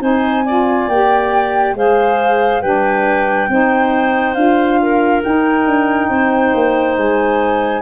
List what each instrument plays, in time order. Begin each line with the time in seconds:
0.00 tuba C4, saxophone D#4, clarinet C5, flute G#5
0.45 saxophone F4, clarinet D5
0.88 tuba A#3, saxophone G4, flute G5
1.74 tuba G#3, saxophone G#4, clarinet C5, flute F5
2.62 tuba G3, saxophone D4, clarinet B4, flute G5
3.49 tuba C4, saxophone D#4, clarinet C5
4.34 tuba D4, saxophone F4, flute F5
4.82 clarinet A#4
5.22 saxophone D#4, tuba D#4, flute G5
5.66 tuba D4
6.09 tuba C4, clarinet C5
6.54 tuba A#3
6.97 tuba G#3, flute G#5